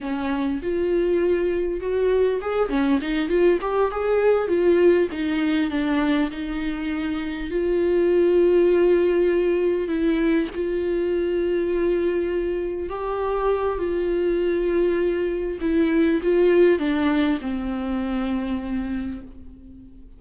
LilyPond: \new Staff \with { instrumentName = "viola" } { \time 4/4 \tempo 4 = 100 cis'4 f'2 fis'4 | gis'8 cis'8 dis'8 f'8 g'8 gis'4 f'8~ | f'8 dis'4 d'4 dis'4.~ | dis'8 f'2.~ f'8~ |
f'8 e'4 f'2~ f'8~ | f'4. g'4. f'4~ | f'2 e'4 f'4 | d'4 c'2. | }